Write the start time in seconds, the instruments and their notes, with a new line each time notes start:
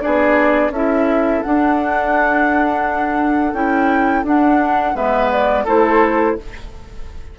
0.00 bassoon B3, clarinet D4, oboe G#4, flute D5
0.70 bassoon C#4, clarinet E4, oboe A4, flute E5
1.42 clarinet D4, bassoon D4, flute F#5
3.53 bassoon C#4, clarinet E4, flute G5
4.24 bassoon D4, clarinet D4, flute F#5
4.95 bassoon G#3, clarinet B3, oboe B4, flute E5
5.32 flute D5
5.65 bassoon A3, clarinet E4, oboe A4, flute C5